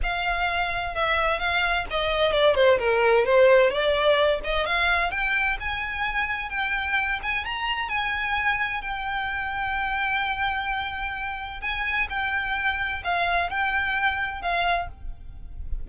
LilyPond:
\new Staff \with { instrumentName = "violin" } { \time 4/4 \tempo 4 = 129 f''2 e''4 f''4 | dis''4 d''8 c''8 ais'4 c''4 | d''4. dis''8 f''4 g''4 | gis''2 g''4. gis''8 |
ais''4 gis''2 g''4~ | g''1~ | g''4 gis''4 g''2 | f''4 g''2 f''4 | }